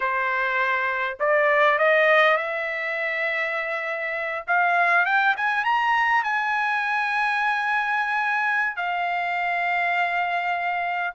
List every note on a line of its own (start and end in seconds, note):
0.00 1.17 C5
1.19 1.78 D5
1.78 2.37 D#5
2.37 4.45 E5
4.47 5.05 F5
5.05 5.35 G5
5.37 5.64 G#5
5.64 6.23 A#5
6.23 8.76 G#5
8.76 11.14 F5